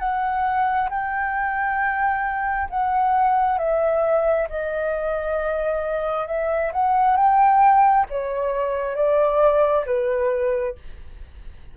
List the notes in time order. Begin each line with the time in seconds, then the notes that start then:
0.00 F#5
0.90 G5
2.70 F#5
3.59 E5
4.50 D#5
6.28 E5
6.73 F#5
7.17 G5
8.10 C#5
8.96 D5
9.86 B4